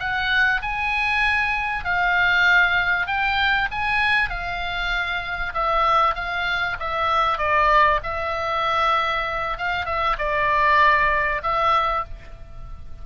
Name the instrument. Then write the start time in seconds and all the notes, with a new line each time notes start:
oboe
0.00 F#5
0.63 G#5
1.85 F5
3.07 G5
3.72 G#5
4.30 F5
5.54 E5
6.15 F5
6.80 E5
7.39 D5
8.04 E5
9.58 F5
9.86 E5
10.19 D5
11.43 E5